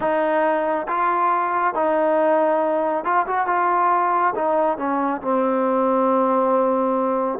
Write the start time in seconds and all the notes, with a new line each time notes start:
0.00 D#4
0.88 F4
1.74 D#4
3.04 F4
3.26 F#4
3.47 F4
4.35 D#4
4.77 C#4
5.21 C4